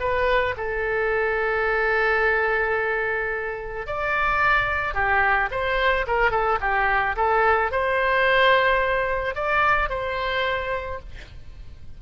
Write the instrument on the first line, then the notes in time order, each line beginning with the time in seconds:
oboe
0.00 B4
0.57 A4
3.87 D5
4.94 G4
5.51 C5
6.07 A#4
6.31 A4
6.61 G4
7.16 A4
7.71 C5
9.35 D5
9.89 C5